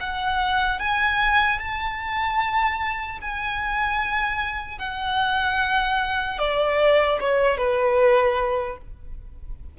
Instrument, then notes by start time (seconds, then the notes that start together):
violin
0.00 F#5
0.79 G#5
1.59 A5
3.21 G#5
4.78 F#5
6.39 D5
7.20 C#5
7.57 B4